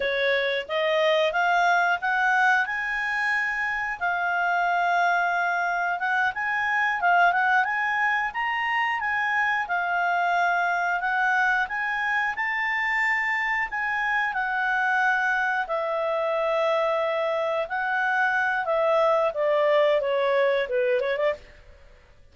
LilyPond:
\new Staff \with { instrumentName = "clarinet" } { \time 4/4 \tempo 4 = 90 cis''4 dis''4 f''4 fis''4 | gis''2 f''2~ | f''4 fis''8 gis''4 f''8 fis''8 gis''8~ | gis''8 ais''4 gis''4 f''4.~ |
f''8 fis''4 gis''4 a''4.~ | a''8 gis''4 fis''2 e''8~ | e''2~ e''8 fis''4. | e''4 d''4 cis''4 b'8 cis''16 d''16 | }